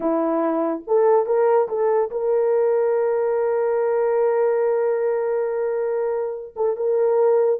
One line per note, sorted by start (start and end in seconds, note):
0.00 0.82 E4
0.87 1.25 A4
1.25 1.68 A#4
1.68 2.10 A4
2.10 6.54 A#4
6.56 6.76 A4
6.76 7.59 A#4